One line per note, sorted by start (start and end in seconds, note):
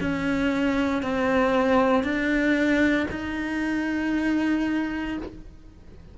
0.00 1.02 C#4
1.02 2.03 C4
2.03 3.07 D4
3.10 5.17 D#4